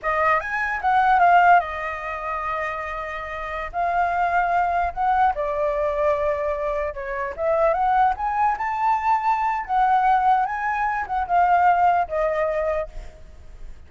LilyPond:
\new Staff \with { instrumentName = "flute" } { \time 4/4 \tempo 4 = 149 dis''4 gis''4 fis''4 f''4 | dis''1~ | dis''4~ dis''16 f''2~ f''8.~ | f''16 fis''4 d''2~ d''8.~ |
d''4~ d''16 cis''4 e''4 fis''8.~ | fis''16 gis''4 a''2~ a''8. | fis''2 gis''4. fis''8 | f''2 dis''2 | }